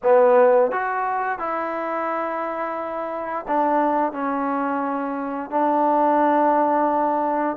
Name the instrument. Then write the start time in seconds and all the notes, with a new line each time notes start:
trombone
0.02 B3
0.71 F#4
1.39 E4
3.47 D4
4.12 C#4
5.50 D4